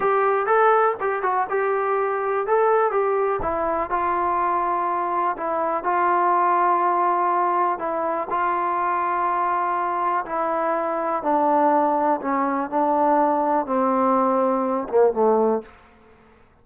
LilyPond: \new Staff \with { instrumentName = "trombone" } { \time 4/4 \tempo 4 = 123 g'4 a'4 g'8 fis'8 g'4~ | g'4 a'4 g'4 e'4 | f'2. e'4 | f'1 |
e'4 f'2.~ | f'4 e'2 d'4~ | d'4 cis'4 d'2 | c'2~ c'8 ais8 a4 | }